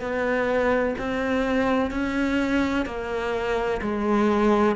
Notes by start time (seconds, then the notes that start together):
0.00 B3
0.99 C4
1.90 C#4
2.86 A#3
3.81 G#3